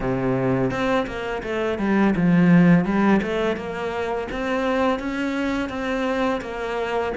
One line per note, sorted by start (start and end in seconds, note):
0.00 0.70 C3
0.70 1.06 C4
1.06 1.42 A#3
1.42 1.78 A3
1.78 2.14 G3
2.16 2.84 F3
2.84 3.20 G3
3.22 3.56 A3
3.56 4.27 A#3
4.31 4.99 C4
4.99 5.69 C#4
5.69 6.40 C4
6.41 7.12 A#3